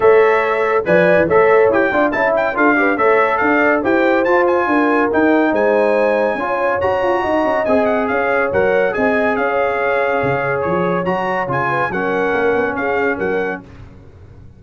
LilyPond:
<<
  \new Staff \with { instrumentName = "trumpet" } { \time 4/4 \tempo 4 = 141 e''2 gis''4 e''4 | g''4 a''8 g''8 f''4 e''4 | f''4 g''4 a''8 gis''4. | g''4 gis''2. |
ais''2 gis''8 fis''8 f''4 | fis''4 gis''4 f''2~ | f''4 cis''4 ais''4 gis''4 | fis''2 f''4 fis''4 | }
  \new Staff \with { instrumentName = "horn" } { \time 4/4 cis''2 d''4 cis''4~ | cis''8 d''8 e''4 a'8 b'8 cis''4 | d''4 c''2 ais'4~ | ais'4 c''2 cis''4~ |
cis''4 dis''2 cis''4~ | cis''4 dis''4 cis''2~ | cis''2.~ cis''8 b'8 | ais'2 gis'4 ais'4 | }
  \new Staff \with { instrumentName = "trombone" } { \time 4/4 a'2 b'4 a'4 | g'8 f'8 e'4 f'8 g'8 a'4~ | a'4 g'4 f'2 | dis'2. f'4 |
fis'2 gis'2 | ais'4 gis'2.~ | gis'2 fis'4 f'4 | cis'1 | }
  \new Staff \with { instrumentName = "tuba" } { \time 4/4 a2 f8. e16 a4 | e'8 d'8 cis'4 d'4 a4 | d'4 e'4 f'4 d'4 | dis'4 gis2 cis'4 |
fis'8 f'8 dis'8 cis'8 c'4 cis'4 | fis4 c'4 cis'2 | cis4 f4 fis4 cis4 | fis4 ais8 b8 cis'4 fis4 | }
>>